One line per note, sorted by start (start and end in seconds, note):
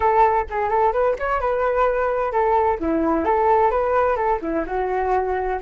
0.00 0.45 A4
0.50 0.68 G#4
0.68 0.92 A4
0.92 1.15 B4
1.18 1.40 C#5
1.40 2.32 B4
2.32 2.78 A4
2.79 3.24 E4
3.24 3.70 A4
3.70 4.16 B4
4.16 4.39 A4
4.41 4.64 E4
4.66 5.59 F#4